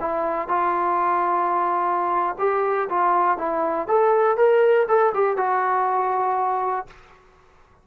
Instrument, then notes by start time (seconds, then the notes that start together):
trombone
0.00 E4
0.48 F4
2.38 G4
2.89 F4
3.38 E4
3.88 A4
4.37 A#4
4.88 A4
5.14 G4
5.37 F#4